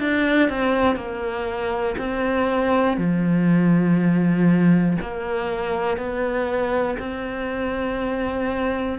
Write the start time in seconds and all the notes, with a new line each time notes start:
0.00 D4
0.50 C4
0.96 A#3
1.98 C4
2.98 F3
5.01 A#3
5.98 B3
6.99 C4